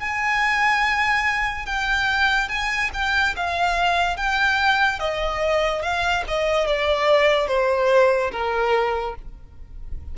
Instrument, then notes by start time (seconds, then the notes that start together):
violin
0.00 G#5
1.66 G5
2.49 G#5
2.94 G5
3.36 F5
4.17 G5
5.00 D#5
5.83 F5
6.28 D#5
6.67 D5
7.48 C5
8.32 A#4